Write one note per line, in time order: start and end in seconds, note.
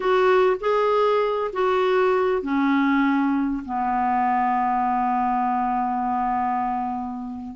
0.00 0.56 F#4
0.60 1.51 G#4
1.52 2.42 F#4
2.42 3.63 C#4
3.65 7.55 B3